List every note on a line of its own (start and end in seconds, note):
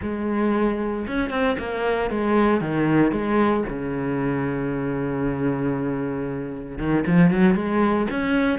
0.02 1.06 G#3
1.07 1.30 C#4
1.30 1.56 C4
1.58 2.10 A#3
2.10 2.60 G#3
2.60 3.11 D#3
3.11 3.64 G#3
3.69 6.78 C#3
6.78 7.04 D#3
7.06 7.30 F3
7.30 7.55 F#3
7.55 8.07 G#3
8.10 8.58 C#4